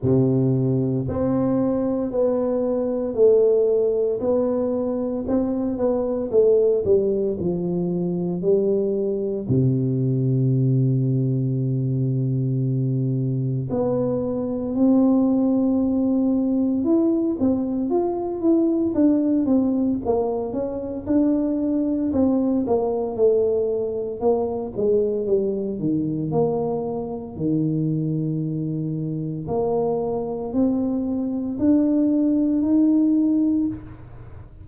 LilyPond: \new Staff \with { instrumentName = "tuba" } { \time 4/4 \tempo 4 = 57 c4 c'4 b4 a4 | b4 c'8 b8 a8 g8 f4 | g4 c2.~ | c4 b4 c'2 |
e'8 c'8 f'8 e'8 d'8 c'8 ais8 cis'8 | d'4 c'8 ais8 a4 ais8 gis8 | g8 dis8 ais4 dis2 | ais4 c'4 d'4 dis'4 | }